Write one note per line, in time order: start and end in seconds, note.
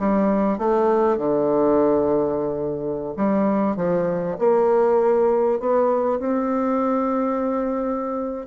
0.00 0.58 G3
0.58 1.18 A3
1.18 3.15 D3
3.17 3.77 G3
3.77 4.37 F3
4.39 5.60 A#3
5.60 6.20 B3
6.20 8.47 C4